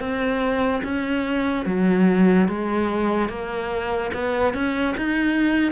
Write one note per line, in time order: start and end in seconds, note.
0.00 0.82 C4
0.84 1.66 C#4
1.66 2.48 F#3
2.48 3.29 G#3
3.29 4.11 A#3
4.14 4.54 B3
4.54 4.95 C#4
4.97 5.72 D#4